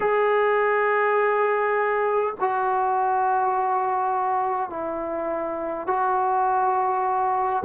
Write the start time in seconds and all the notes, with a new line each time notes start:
0.00 G#4
2.40 F#4
4.69 E4
5.87 F#4